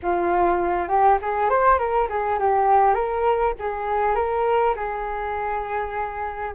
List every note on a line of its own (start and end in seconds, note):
0.02 0.88 F4
0.88 1.17 G4
1.21 1.49 G#4
1.49 1.78 C5
1.78 2.08 A#4
2.09 2.38 G#4
2.39 2.94 G4
2.94 3.53 A#4
3.59 4.15 G#4
4.15 4.74 A#4
4.76 6.54 G#4